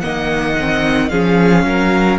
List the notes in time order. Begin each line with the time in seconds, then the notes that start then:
0.00 D#3 A#3 D#5 F#5
0.59 C4
1.09 F3 C#4 G#4 F5
1.64 F#3 A#4